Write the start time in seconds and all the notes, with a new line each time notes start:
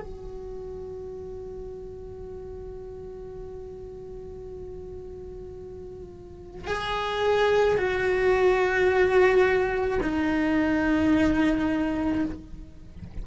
0.00 F#4
6.67 G#4
7.77 F#4
10.02 D#4